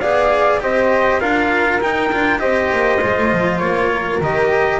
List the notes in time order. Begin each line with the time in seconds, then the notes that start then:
0.00 B3 G#4 D5 F5
0.60 C4 G4 C5 D#5
1.20 D4 F4 A#4 F5
1.81 D#4 G5
2.12 D4 F4
2.39 C4 G4 C5 D#5
2.73 A#3
3.02 G#3 F4
3.17 A3
3.33 F3
3.59 A#3 C#5
3.94 A#4
4.21 D#3 G4 D#5